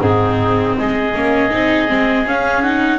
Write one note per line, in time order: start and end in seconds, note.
0.00 0.76 G#2
0.00 1.13 C4
0.00 0.75 D#4
0.00 0.75 G#4
0.77 1.14 G#3
0.77 2.98 G#4
0.77 2.27 D#5
1.14 1.51 A#3
1.14 1.50 C#4
1.50 1.89 C4
1.50 1.88 D#4
1.88 2.26 G#3
1.88 2.25 C4
2.26 2.98 C#4
2.26 2.63 C#4
2.26 2.62 F5
2.62 2.98 D#4
2.62 2.98 F#5